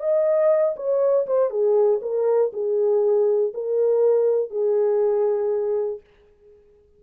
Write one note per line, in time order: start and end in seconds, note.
0.00 0.75 D#5
0.76 1.26 C#5
1.27 1.50 C5
1.50 2.00 G#4
2.02 2.52 A#4
2.53 3.53 G#4
3.54 4.50 A#4
4.50 6.00 G#4